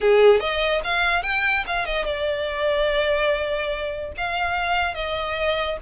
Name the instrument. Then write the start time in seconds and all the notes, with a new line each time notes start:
violin
0.00 G#4
0.39 D#5
0.84 F5
1.22 G5
1.66 F5
1.85 D#5
2.05 D5
4.17 F5
4.94 D#5